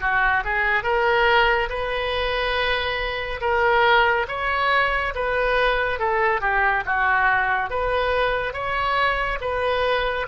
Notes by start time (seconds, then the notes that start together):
0.00 F#4
0.44 G#4
0.83 A#4
1.69 B4
3.40 A#4
4.27 C#5
5.15 B4
5.99 A4
6.41 G4
6.85 F#4
7.70 B4
8.52 C#5
9.40 B4